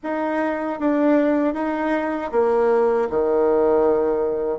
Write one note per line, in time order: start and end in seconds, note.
0.03 0.79 D#4
0.79 1.54 D4
1.54 2.31 D#4
2.31 3.08 A#3
3.10 4.58 D#3